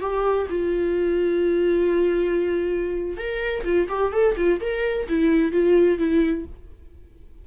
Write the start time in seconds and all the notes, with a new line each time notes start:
0.00 G4
0.49 F4
3.17 A#4
3.64 F4
3.88 G4
4.12 A4
4.36 F4
4.60 A#4
5.08 E4
5.51 F4
5.98 E4